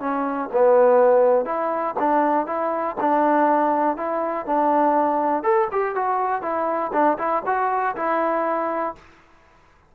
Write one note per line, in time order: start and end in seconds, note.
0.00 0.50 C#4
0.53 1.45 B3
1.45 1.95 E4
2.00 2.47 D4
2.47 2.96 E4
3.01 3.97 D4
3.97 4.47 E4
4.47 5.44 D4
5.44 5.68 A4
5.72 5.96 G4
5.96 6.42 F#4
6.42 6.92 E4
6.93 7.18 D4
7.19 7.43 E4
7.46 7.96 F#4
7.96 8.95 E4